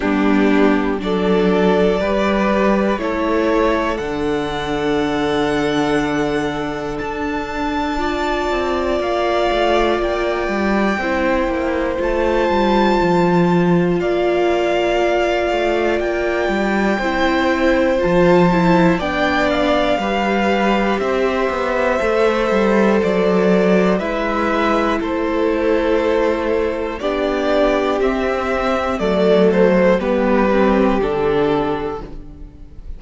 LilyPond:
<<
  \new Staff \with { instrumentName = "violin" } { \time 4/4 \tempo 4 = 60 g'4 d''2 cis''4 | fis''2. a''4~ | a''4 f''4 g''2 | a''2 f''2 |
g''2 a''4 g''8 f''8~ | f''4 e''2 d''4 | e''4 c''2 d''4 | e''4 d''8 c''8 b'4 a'4 | }
  \new Staff \with { instrumentName = "violin" } { \time 4/4 d'4 a'4 b'4 a'4~ | a'1 | d''2. c''4~ | c''2 d''2~ |
d''4 c''2 d''4 | b'4 c''2. | b'4 a'2 g'4~ | g'4 a'4 g'2 | }
  \new Staff \with { instrumentName = "viola" } { \time 4/4 b4 d'4 g'4 e'4 | d'1 | f'2. e'4 | f'1~ |
f'4 e'4 f'8 e'8 d'4 | g'2 a'2 | e'2. d'4 | c'4 a4 b8 c'8 d'4 | }
  \new Staff \with { instrumentName = "cello" } { \time 4/4 g4 fis4 g4 a4 | d2. d'4~ | d'8 c'8 ais8 a8 ais8 g8 c'8 ais8 | a8 g8 f4 ais4. a8 |
ais8 g8 c'4 f4 b4 | g4 c'8 b8 a8 g8 fis4 | gis4 a2 b4 | c'4 fis4 g4 d4 | }
>>